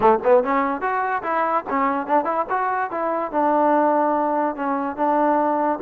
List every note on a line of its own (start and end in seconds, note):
0.00 0.19 A3
0.23 0.43 B3
0.43 0.81 C#4
0.81 1.22 F#4
1.23 1.64 E4
1.69 2.07 C#4
2.07 2.25 D4
2.25 2.45 E4
2.49 2.90 F#4
2.90 3.31 E4
3.31 4.55 D4
4.55 4.96 C#4
4.96 5.79 D4